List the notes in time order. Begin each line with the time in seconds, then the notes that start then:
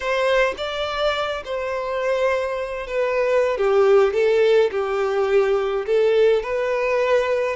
0.00 C5
0.57 D5
1.44 C5
2.86 B4
3.57 G4
4.13 A4
4.71 G4
5.85 A4
6.43 B4